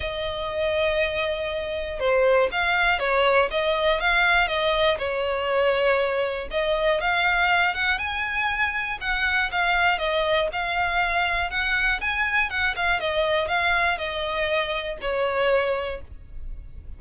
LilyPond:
\new Staff \with { instrumentName = "violin" } { \time 4/4 \tempo 4 = 120 dis''1 | c''4 f''4 cis''4 dis''4 | f''4 dis''4 cis''2~ | cis''4 dis''4 f''4. fis''8 |
gis''2 fis''4 f''4 | dis''4 f''2 fis''4 | gis''4 fis''8 f''8 dis''4 f''4 | dis''2 cis''2 | }